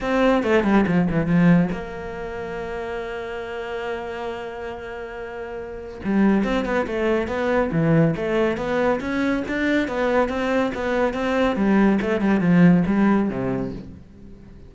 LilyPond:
\new Staff \with { instrumentName = "cello" } { \time 4/4 \tempo 4 = 140 c'4 a8 g8 f8 e8 f4 | ais1~ | ais1~ | ais2 g4 c'8 b8 |
a4 b4 e4 a4 | b4 cis'4 d'4 b4 | c'4 b4 c'4 g4 | a8 g8 f4 g4 c4 | }